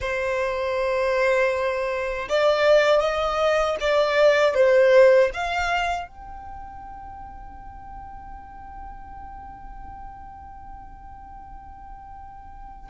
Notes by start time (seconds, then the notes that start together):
0.00 C5
2.29 D5
3.00 D#5
3.80 D5
4.54 C5
5.33 F5
6.08 G5